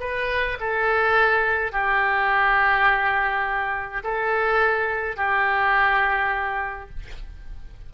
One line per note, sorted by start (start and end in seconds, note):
0.00 0.58 B4
0.60 1.72 A4
1.72 4.03 G4
4.04 5.16 A4
5.16 6.89 G4